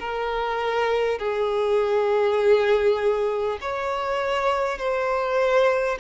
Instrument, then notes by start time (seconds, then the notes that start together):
violin
0.00 A#4
1.19 G#4
3.61 C#5
4.78 C5